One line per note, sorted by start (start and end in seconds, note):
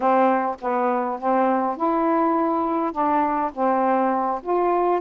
0.00 0.56 C4
0.60 1.19 B3
1.19 1.76 C4
1.76 2.92 E4
2.92 3.51 D4
3.53 4.41 C4
4.42 5.00 F4